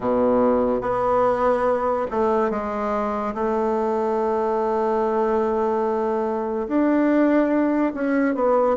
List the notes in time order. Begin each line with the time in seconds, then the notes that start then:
0.00 B2
0.81 B3
2.10 A3
2.50 G#3
3.34 A3
6.67 D4
7.94 C#4
8.34 B3